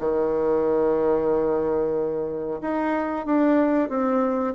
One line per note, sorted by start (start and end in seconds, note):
0.00 2.61 D#3
2.62 3.26 D#4
3.26 3.90 D4
3.90 4.55 C4